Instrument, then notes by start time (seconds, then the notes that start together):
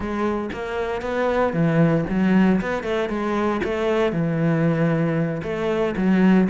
cello
0.00 G#3
0.52 A#3
1.01 B3
1.53 E3
2.09 F#3
2.61 B3
2.83 A3
3.09 G#3
3.64 A3
4.12 E3
5.43 A3
5.96 F#3